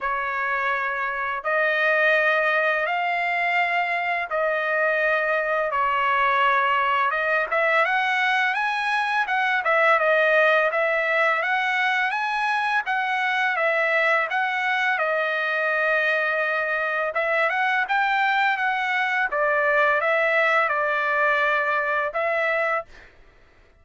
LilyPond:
\new Staff \with { instrumentName = "trumpet" } { \time 4/4 \tempo 4 = 84 cis''2 dis''2 | f''2 dis''2 | cis''2 dis''8 e''8 fis''4 | gis''4 fis''8 e''8 dis''4 e''4 |
fis''4 gis''4 fis''4 e''4 | fis''4 dis''2. | e''8 fis''8 g''4 fis''4 d''4 | e''4 d''2 e''4 | }